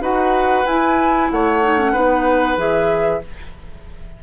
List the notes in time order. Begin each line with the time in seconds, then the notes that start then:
0.00 D#4 F#4 B4 F#5
0.66 E4 G#5
1.30 A3 C#5 F#5
1.62 D#4
1.78 C#4
1.92 B3 D#4 B4
2.57 E3 G#4 E5